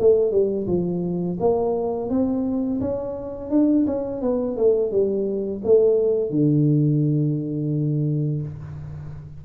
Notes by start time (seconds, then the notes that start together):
0.00 A3
0.31 G3
0.67 F3
1.40 A#3
2.10 C4
2.81 C#4
3.50 D4
3.87 C#4
4.21 B3
4.57 A3
4.91 G3
5.64 A3
6.30 D3